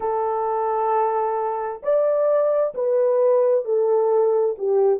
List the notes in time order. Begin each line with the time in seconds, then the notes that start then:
0.00 A4
1.83 D5
2.74 B4
3.64 A4
4.57 G4